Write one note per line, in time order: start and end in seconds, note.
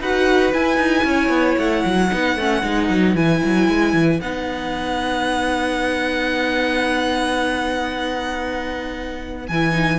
0.00 0.53 D#4
0.00 0.52 F#4
0.00 1.06 B4
0.00 0.53 F#5
0.52 2.10 E4
0.52 0.77 E4
0.52 1.58 G#5
0.77 1.03 D#4
1.04 1.29 C#4
1.04 2.12 C#5
1.29 1.55 B3
1.58 1.84 A3
1.58 3.16 F#5
1.85 2.11 F#3
2.10 2.36 B3
2.10 2.36 D#4
2.10 9.99 B4
2.36 2.63 A3
2.36 2.63 C#4
2.63 2.89 G#3
2.63 3.16 D#4
2.89 3.15 F#3
3.15 3.41 E3
3.15 4.21 E4
3.15 4.20 G#5
3.44 3.68 F#3
3.68 3.93 G#3
3.93 4.20 E3
4.20 9.49 B3
4.20 9.48 D#4
4.20 9.47 F#5
9.48 9.99 E3
9.48 9.71 E4
9.48 9.99 G#5
9.71 9.98 D#4